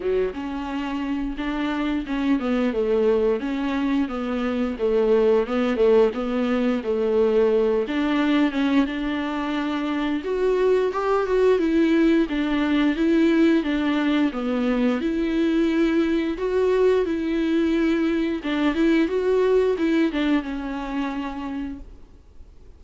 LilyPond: \new Staff \with { instrumentName = "viola" } { \time 4/4 \tempo 4 = 88 fis8 cis'4. d'4 cis'8 b8 | a4 cis'4 b4 a4 | b8 a8 b4 a4. d'8~ | d'8 cis'8 d'2 fis'4 |
g'8 fis'8 e'4 d'4 e'4 | d'4 b4 e'2 | fis'4 e'2 d'8 e'8 | fis'4 e'8 d'8 cis'2 | }